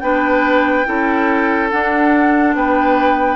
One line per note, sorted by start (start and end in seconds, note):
0.00 0.86 B3
0.00 0.86 D4
0.00 0.87 B4
0.00 1.69 G5
0.86 1.72 C#4
0.86 1.70 E4
0.86 2.56 A4
1.70 3.36 D4
1.70 2.55 D4
1.70 2.55 F#5
2.55 3.36 B3
2.55 3.36 B4
2.55 3.36 G5